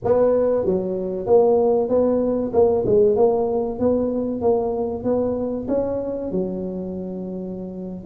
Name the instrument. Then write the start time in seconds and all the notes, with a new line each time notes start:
tuba
0.04 B3
0.65 F#3
1.26 A#3
1.89 B3
2.53 A#3
2.86 G#3
3.16 A#3
3.79 B3
4.41 A#3
5.03 B3
5.68 C#4
6.31 F#3